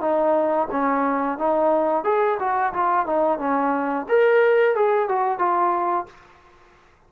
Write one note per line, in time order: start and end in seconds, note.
0.00 0.67 D#4
0.71 1.38 C#4
1.38 2.04 D#4
2.04 2.37 G#4
2.39 2.73 F#4
2.73 3.06 F4
3.06 3.38 D#4
3.38 4.06 C#4
4.08 4.75 A#4
4.75 5.08 G#4
5.08 5.38 F#4
5.38 6.06 F4